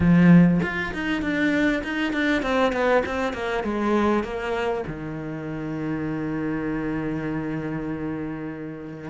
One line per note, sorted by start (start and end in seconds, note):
0.00 0.60 F3
0.62 0.93 F4
0.93 1.21 D#4
1.21 1.82 D4
1.83 2.12 D#4
2.12 2.42 D4
2.42 2.72 C4
2.72 3.02 B3
3.05 3.33 C4
3.33 3.63 A#3
3.63 4.23 G#3
4.23 4.84 A#3
4.87 9.10 D#3